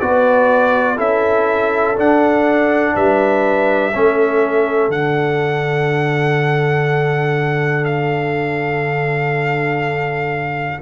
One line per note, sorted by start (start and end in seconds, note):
0.00 0.98 B3
0.00 0.97 F#4
0.00 0.97 B4
0.00 0.98 D5
0.97 1.97 C#4
0.97 1.95 E4
0.97 2.93 A4
0.97 1.98 E5
1.96 3.93 D4
1.96 2.95 D4
1.96 2.96 F#5
2.94 3.94 G3
2.94 3.93 B4
2.94 4.91 E5
3.94 4.89 A3
3.94 4.91 C#4
3.94 10.82 A4
4.89 10.79 D3
4.89 10.81 D4
4.89 7.85 F#5
7.85 10.80 F5